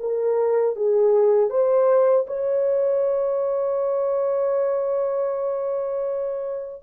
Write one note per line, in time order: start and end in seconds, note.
0.00 0.76 A#4
0.76 1.50 G#4
1.50 2.26 C5
2.27 6.83 C#5